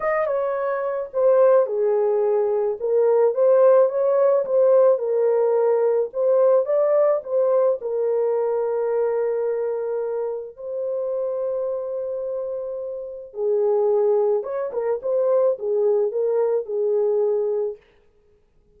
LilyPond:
\new Staff \with { instrumentName = "horn" } { \time 4/4 \tempo 4 = 108 dis''8 cis''4. c''4 gis'4~ | gis'4 ais'4 c''4 cis''4 | c''4 ais'2 c''4 | d''4 c''4 ais'2~ |
ais'2. c''4~ | c''1 | gis'2 cis''8 ais'8 c''4 | gis'4 ais'4 gis'2 | }